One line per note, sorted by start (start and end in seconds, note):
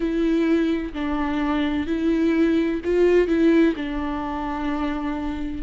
0.00 0.92 E4
0.93 1.87 D4
1.87 2.80 E4
2.84 3.27 F4
3.27 3.74 E4
3.75 5.62 D4